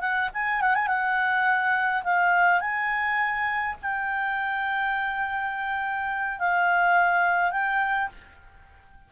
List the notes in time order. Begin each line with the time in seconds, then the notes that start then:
0.00 F#5
0.33 G#5
0.61 F#5
0.75 G#5
0.87 F#5
2.03 F5
2.60 G#5
3.82 G5
6.39 F5
7.51 G5